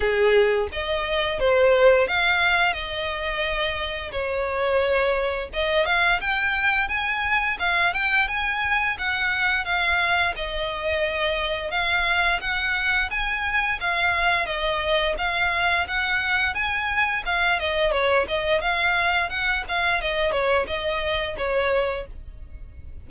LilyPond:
\new Staff \with { instrumentName = "violin" } { \time 4/4 \tempo 4 = 87 gis'4 dis''4 c''4 f''4 | dis''2 cis''2 | dis''8 f''8 g''4 gis''4 f''8 g''8 | gis''4 fis''4 f''4 dis''4~ |
dis''4 f''4 fis''4 gis''4 | f''4 dis''4 f''4 fis''4 | gis''4 f''8 dis''8 cis''8 dis''8 f''4 | fis''8 f''8 dis''8 cis''8 dis''4 cis''4 | }